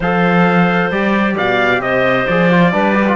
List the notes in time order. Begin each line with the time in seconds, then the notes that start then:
0.00 F3 A4 C5 F5
0.90 G3 G4 D5
1.36 B2 D5 F5
1.80 C3 C5 D#5
2.26 F3 G#4 D5
2.50 F4
2.72 G3 D4 B4
2.94 G4
3.07 F4